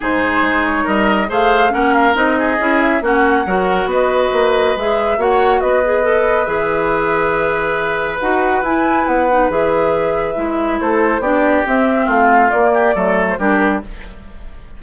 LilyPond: <<
  \new Staff \with { instrumentName = "flute" } { \time 4/4 \tempo 4 = 139 c''4. cis''8 dis''4 f''4 | fis''8 f''8 dis''4. e''8 fis''4~ | fis''4 dis''2 e''4 | fis''4 dis''2 e''4~ |
e''2. fis''4 | gis''4 fis''4 e''2~ | e''4 c''4 d''4 e''4 | f''4 d''4.~ d''16 c''16 ais'4 | }
  \new Staff \with { instrumentName = "oboe" } { \time 4/4 gis'2 ais'4 c''4 | ais'4. gis'4. fis'4 | ais'4 b'2. | cis''4 b'2.~ |
b'1~ | b'1~ | b'4 a'4 g'2 | f'4. g'8 a'4 g'4 | }
  \new Staff \with { instrumentName = "clarinet" } { \time 4/4 dis'2. gis'4 | cis'4 dis'4 e'4 cis'4 | fis'2. gis'4 | fis'4. gis'8 a'4 gis'4~ |
gis'2. fis'4 | e'4. dis'8 gis'2 | e'2 d'4 c'4~ | c'4 ais4 a4 d'4 | }
  \new Staff \with { instrumentName = "bassoon" } { \time 4/4 gis,4 gis4 g4 a4 | ais4 c'4 cis'4 ais4 | fis4 b4 ais4 gis4 | ais4 b2 e4~ |
e2. dis'4 | e'4 b4 e2 | gis4 a4 b4 c'4 | a4 ais4 fis4 g4 | }
>>